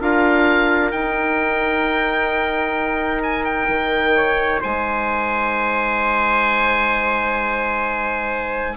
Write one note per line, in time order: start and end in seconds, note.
0.00 0.92 D4
0.00 0.92 F4
0.00 4.16 A#4
0.00 0.91 F5
0.91 3.68 D#4
0.91 8.77 D#4
0.91 3.22 G5
3.23 3.44 G#5
3.44 4.60 G5
3.68 4.60 D#3
4.16 4.61 C#5
4.61 8.77 G#3
4.61 8.76 C5
4.61 8.77 G#5